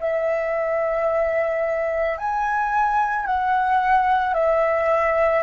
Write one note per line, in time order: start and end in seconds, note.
0.00 2.18 E5
2.18 3.26 G#5
3.26 4.34 F#5
4.34 5.43 E5